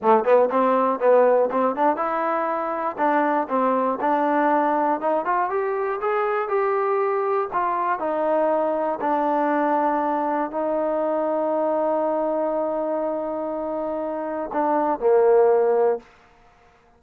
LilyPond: \new Staff \with { instrumentName = "trombone" } { \time 4/4 \tempo 4 = 120 a8 b8 c'4 b4 c'8 d'8 | e'2 d'4 c'4 | d'2 dis'8 f'8 g'4 | gis'4 g'2 f'4 |
dis'2 d'2~ | d'4 dis'2.~ | dis'1~ | dis'4 d'4 ais2 | }